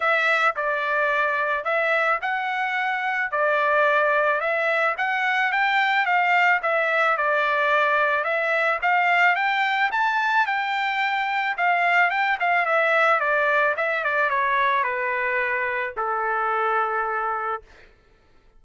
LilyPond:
\new Staff \with { instrumentName = "trumpet" } { \time 4/4 \tempo 4 = 109 e''4 d''2 e''4 | fis''2 d''2 | e''4 fis''4 g''4 f''4 | e''4 d''2 e''4 |
f''4 g''4 a''4 g''4~ | g''4 f''4 g''8 f''8 e''4 | d''4 e''8 d''8 cis''4 b'4~ | b'4 a'2. | }